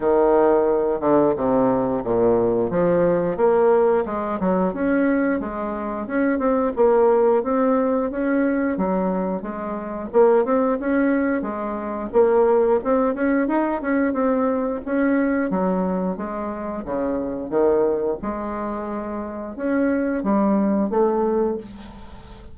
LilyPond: \new Staff \with { instrumentName = "bassoon" } { \time 4/4 \tempo 4 = 89 dis4. d8 c4 ais,4 | f4 ais4 gis8 fis8 cis'4 | gis4 cis'8 c'8 ais4 c'4 | cis'4 fis4 gis4 ais8 c'8 |
cis'4 gis4 ais4 c'8 cis'8 | dis'8 cis'8 c'4 cis'4 fis4 | gis4 cis4 dis4 gis4~ | gis4 cis'4 g4 a4 | }